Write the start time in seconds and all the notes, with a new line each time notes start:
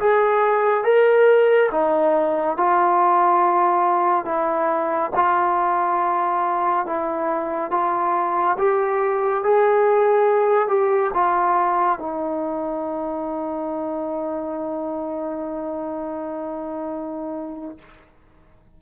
0.00 G#4
0.85 A#4
1.71 D#4
2.58 F4
4.25 E4
5.15 F4
6.86 E4
7.71 F4
8.59 G4
9.44 G#4
10.69 G4
11.14 F4
12.00 D#4